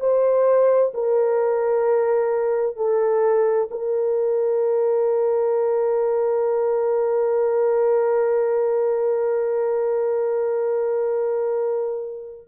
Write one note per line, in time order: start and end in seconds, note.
0.00 0.92 C5
0.94 2.77 A#4
2.77 3.69 A4
3.71 12.47 A#4